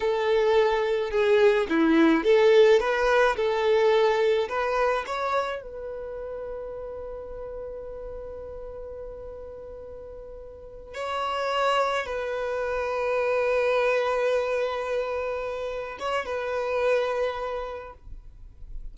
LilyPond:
\new Staff \with { instrumentName = "violin" } { \time 4/4 \tempo 4 = 107 a'2 gis'4 e'4 | a'4 b'4 a'2 | b'4 cis''4 b'2~ | b'1~ |
b'2.~ b'8 cis''8~ | cis''4. b'2~ b'8~ | b'1~ | b'8 cis''8 b'2. | }